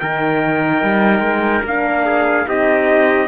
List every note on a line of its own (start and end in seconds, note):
0.00 0.83 D#3
0.00 1.66 D#4
0.00 2.06 A#4
0.00 1.64 G5
0.83 1.20 G3
1.20 1.61 G#3
1.65 2.47 A#3
1.65 2.47 D4
1.65 2.49 F5
2.06 2.47 G#4
2.47 3.29 C4
2.47 3.29 D#4
2.47 3.29 G4
2.47 3.29 D#5